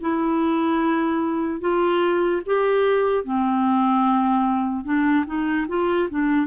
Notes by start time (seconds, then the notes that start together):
0.00 E4
1.60 F4
2.45 G4
3.24 C4
4.84 D4
5.26 D#4
5.68 F4
6.10 D4